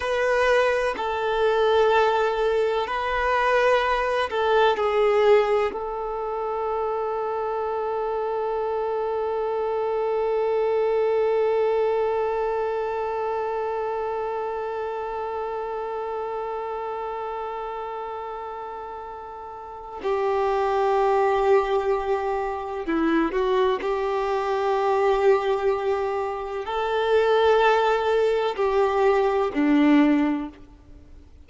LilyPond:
\new Staff \with { instrumentName = "violin" } { \time 4/4 \tempo 4 = 63 b'4 a'2 b'4~ | b'8 a'8 gis'4 a'2~ | a'1~ | a'1~ |
a'1~ | a'4 g'2. | e'8 fis'8 g'2. | a'2 g'4 d'4 | }